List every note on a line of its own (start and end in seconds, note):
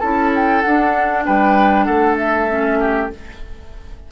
0.00 0.64 C#4
0.00 0.65 E4
0.00 1.24 A4
0.00 0.31 A5
0.36 0.62 G5
0.62 2.49 D4
0.62 1.28 D4
0.62 1.24 F#5
1.26 1.88 G3
1.26 1.86 B4
1.26 1.85 G5
1.85 3.12 A3
1.85 2.79 A4
1.85 2.16 F#5
2.18 3.10 E5
2.49 3.11 C#4
2.80 3.11 G4